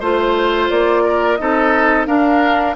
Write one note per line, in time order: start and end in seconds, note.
0.00 0.70 A3
0.00 1.39 F4
0.00 1.03 C5
0.00 0.70 C5
0.70 1.40 A#3
0.70 1.36 D5
1.04 1.39 A#4
1.36 2.07 C4
1.36 2.07 D#4
1.36 2.07 A4
1.36 2.05 D#5
2.07 2.76 D4
2.07 2.76 A#4
2.07 2.76 F5